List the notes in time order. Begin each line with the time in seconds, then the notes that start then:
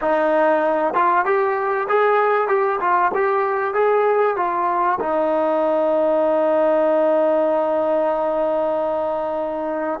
0.01 D#4
0.94 F4
1.25 G4
1.89 G#4
2.48 G4
2.80 F4
3.14 G4
3.74 G#4
4.36 F4
5.00 D#4